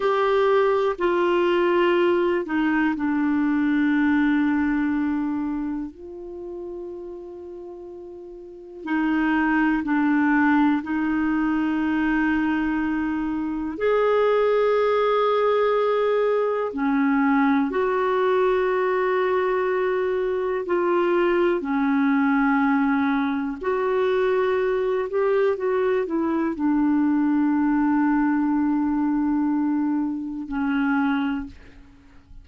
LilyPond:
\new Staff \with { instrumentName = "clarinet" } { \time 4/4 \tempo 4 = 61 g'4 f'4. dis'8 d'4~ | d'2 f'2~ | f'4 dis'4 d'4 dis'4~ | dis'2 gis'2~ |
gis'4 cis'4 fis'2~ | fis'4 f'4 cis'2 | fis'4. g'8 fis'8 e'8 d'4~ | d'2. cis'4 | }